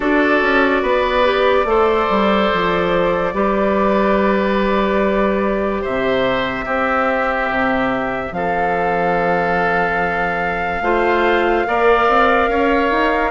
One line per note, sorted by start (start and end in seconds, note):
0.00 0.41 D4
0.00 1.24 F#4
0.00 0.82 A4
0.00 5.84 D5
0.41 0.82 C#4
0.82 1.64 B3
0.82 1.65 B4
1.24 1.65 G4
1.64 2.06 A3
1.64 3.33 A4
1.64 3.34 C5
2.09 2.51 G3
2.52 3.33 F3
3.33 5.83 G3
3.33 6.67 G4
3.33 5.81 B4
5.81 6.66 C3
5.81 6.65 C5
5.81 8.33 E5
6.65 7.49 C4
6.65 10.83 C4
6.65 8.31 G4
7.50 8.31 C3
8.31 10.81 F3
8.31 10.83 A4
8.31 13.31 F5
10.81 11.64 A3
10.81 11.66 F4
10.81 11.66 C5
11.66 12.08 A#3
11.66 13.31 A#4
11.66 12.50 D5
12.08 12.48 C4
12.48 12.90 C#4
12.48 13.31 C#5
12.90 13.31 D#4